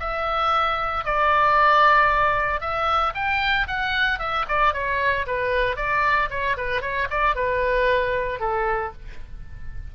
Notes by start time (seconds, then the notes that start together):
0.00 E5
1.04 D5
2.61 E5
3.14 G5
3.67 F#5
4.19 E5
4.48 D5
4.73 C#5
5.27 B4
5.76 D5
6.30 C#5
6.57 B4
6.82 C#5
7.10 D5
7.35 B4
8.40 A4